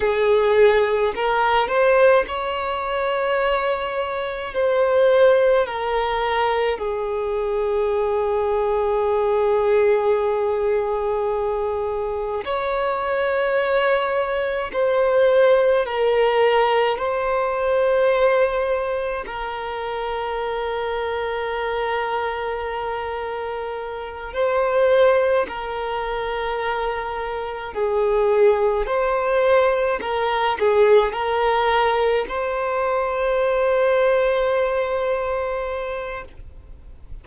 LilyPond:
\new Staff \with { instrumentName = "violin" } { \time 4/4 \tempo 4 = 53 gis'4 ais'8 c''8 cis''2 | c''4 ais'4 gis'2~ | gis'2. cis''4~ | cis''4 c''4 ais'4 c''4~ |
c''4 ais'2.~ | ais'4. c''4 ais'4.~ | ais'8 gis'4 c''4 ais'8 gis'8 ais'8~ | ais'8 c''2.~ c''8 | }